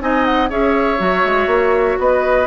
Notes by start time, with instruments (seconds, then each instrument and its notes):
0.00 bassoon C4, clarinet D#4, oboe D#5, flute G#5
0.25 flute F#5
0.50 bassoon C#4, clarinet G#4, oboe C#5, flute E5
0.99 bassoon F#3, clarinet F#4
1.25 bassoon G#3
1.47 bassoon A#3
1.99 bassoon B3, oboe B4, flute D#5